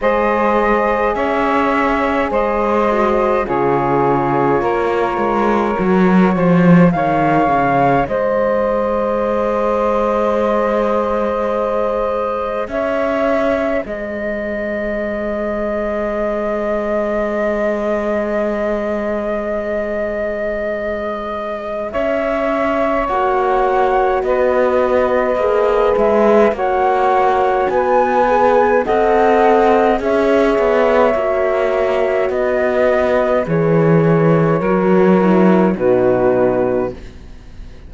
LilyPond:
<<
  \new Staff \with { instrumentName = "flute" } { \time 4/4 \tempo 4 = 52 dis''4 e''4 dis''4 cis''4~ | cis''2 f''4 dis''4~ | dis''2. e''4 | dis''1~ |
dis''2. e''4 | fis''4 dis''4. e''8 fis''4 | gis''4 fis''4 e''2 | dis''4 cis''2 b'4 | }
  \new Staff \with { instrumentName = "saxophone" } { \time 4/4 c''4 cis''4 c''4 gis'4 | ais'4. c''8 cis''4 c''4~ | c''2. cis''4 | c''1~ |
c''2. cis''4~ | cis''4 b'2 cis''4 | b'4 dis''4 cis''2 | b'2 ais'4 fis'4 | }
  \new Staff \with { instrumentName = "horn" } { \time 4/4 gis'2~ gis'8 fis'8 f'4~ | f'4 fis'4 gis'2~ | gis'1~ | gis'1~ |
gis'1 | fis'2 gis'4 fis'4~ | fis'8 gis'8 a'4 gis'4 fis'4~ | fis'4 gis'4 fis'8 e'8 dis'4 | }
  \new Staff \with { instrumentName = "cello" } { \time 4/4 gis4 cis'4 gis4 cis4 | ais8 gis8 fis8 f8 dis8 cis8 gis4~ | gis2. cis'4 | gis1~ |
gis2. cis'4 | ais4 b4 ais8 gis8 ais4 | b4 c'4 cis'8 b8 ais4 | b4 e4 fis4 b,4 | }
>>